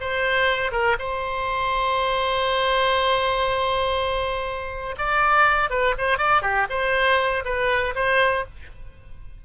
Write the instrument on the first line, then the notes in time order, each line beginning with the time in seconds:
oboe
0.00 C5
0.71 A#4
0.98 C5
4.98 D5
5.70 B4
5.98 C5
6.18 D5
6.42 G4
6.69 C5
7.44 B4
7.95 C5